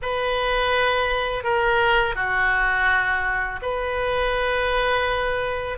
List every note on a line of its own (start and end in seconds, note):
0.02 1.43 B4
1.43 2.15 A#4
2.15 3.59 F#4
3.61 5.78 B4